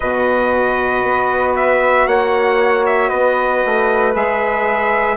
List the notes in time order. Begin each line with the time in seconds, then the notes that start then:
0.00 B2 F#4 B4 D#5
1.03 B3
1.55 E5
2.06 A#3 C#5 F#5
2.86 E5
3.08 B3 B4 D#5
3.65 A3
4.12 G#3 G#4 E5